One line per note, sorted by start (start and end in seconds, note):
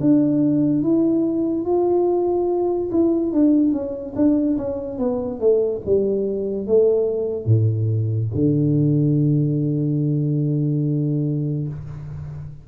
0.00 0.83 D4
0.83 1.65 E4
1.65 2.90 F4
2.91 3.32 E4
3.32 3.72 D4
3.72 4.14 C#4
4.15 4.57 D4
4.57 4.98 C#4
4.98 5.40 B3
5.40 5.81 A3
5.86 6.66 G3
6.66 7.45 A3
7.45 8.29 A2
8.34 11.67 D3